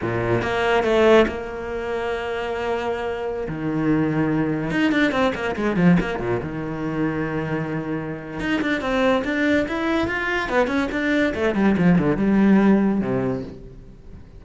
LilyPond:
\new Staff \with { instrumentName = "cello" } { \time 4/4 \tempo 4 = 143 ais,4 ais4 a4 ais4~ | ais1~ | ais16 dis2. dis'8 d'16~ | d'16 c'8 ais8 gis8 f8 ais8 ais,8 dis8.~ |
dis1 | dis'8 d'8 c'4 d'4 e'4 | f'4 b8 cis'8 d'4 a8 g8 | f8 d8 g2 c4 | }